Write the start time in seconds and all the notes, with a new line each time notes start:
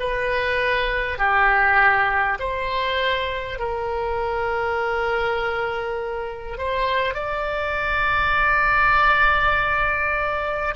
0.00 B4
1.18 G4
2.39 C5
3.59 A#4
6.58 C5
7.14 D5